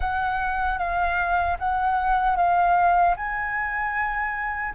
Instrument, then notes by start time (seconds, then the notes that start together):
flute
0.00 F#5
0.78 F5
1.59 F#5
2.36 F5
3.16 G#5